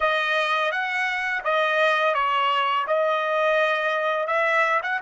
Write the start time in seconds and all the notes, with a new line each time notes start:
0.00 D#5
0.71 F#5
1.44 D#5
2.14 C#5
2.87 D#5
4.27 E5
4.82 F#5